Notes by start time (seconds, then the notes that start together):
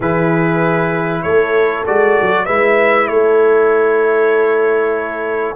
0.00 E3 E4 G#4 B4
1.22 A3 A4 C#5
1.86 G#3 F#4 D5
2.21 F#3
2.45 G#3 E4 B4 E5
3.07 A3 A4 C#5